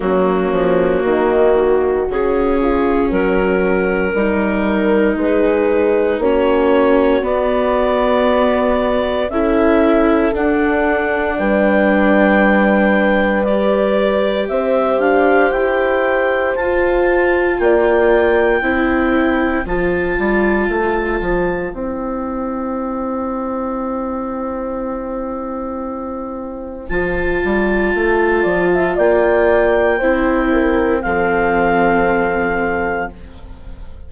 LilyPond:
<<
  \new Staff \with { instrumentName = "clarinet" } { \time 4/4 \tempo 4 = 58 fis'2 gis'4 ais'4~ | ais'4 b'4 cis''4 d''4~ | d''4 e''4 fis''4 g''4~ | g''4 d''4 e''8 f''8 g''4 |
a''4 g''2 a''4~ | a''4 g''2.~ | g''2 a''2 | g''2 f''2 | }
  \new Staff \with { instrumentName = "horn" } { \time 4/4 cis'4 dis'8 fis'4 f'8 fis'4 | ais'4 gis'4 fis'2~ | fis'4 a'2 b'4~ | b'2 c''2~ |
c''4 d''4 c''2~ | c''1~ | c''2.~ c''8 d''16 e''16 | d''4 c''8 ais'8 a'2 | }
  \new Staff \with { instrumentName = "viola" } { \time 4/4 ais2 cis'2 | dis'2 cis'4 b4~ | b4 e'4 d'2~ | d'4 g'2. |
f'2 e'4 f'4~ | f'4 e'2.~ | e'2 f'2~ | f'4 e'4 c'2 | }
  \new Staff \with { instrumentName = "bassoon" } { \time 4/4 fis8 f8 dis4 cis4 fis4 | g4 gis4 ais4 b4~ | b4 cis'4 d'4 g4~ | g2 c'8 d'8 e'4 |
f'4 ais4 c'4 f8 g8 | a8 f8 c'2.~ | c'2 f8 g8 a8 f8 | ais4 c'4 f2 | }
>>